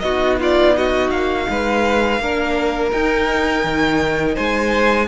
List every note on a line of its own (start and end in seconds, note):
0.00 1.10 B3
0.00 2.21 D#4
0.00 0.40 F#4
0.00 0.36 D#5
0.40 0.76 F4
0.40 0.77 D5
0.77 1.49 F#4
0.77 1.10 D#5
1.10 1.47 A#3
1.10 2.91 F5
1.50 2.20 G#3
1.50 2.21 B4
2.20 2.92 A#3
2.20 2.92 D4
2.20 4.35 A#4
2.92 5.08 D#4
2.92 3.64 D#4
2.92 4.36 G5
3.64 4.36 D#3
4.35 5.08 G#3
4.35 5.07 C5
4.35 5.08 G#5